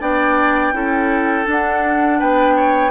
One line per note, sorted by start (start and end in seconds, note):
0.00 0.73 B3
0.00 0.73 D4
0.00 0.74 D5
0.00 1.48 G5
0.73 1.46 C#4
0.73 1.45 E4
0.73 2.19 A4
1.45 2.91 D4
1.45 2.21 D4
1.45 2.20 F#5
2.19 2.91 B3
2.19 2.56 B4
2.19 2.91 G5
2.56 2.91 C#5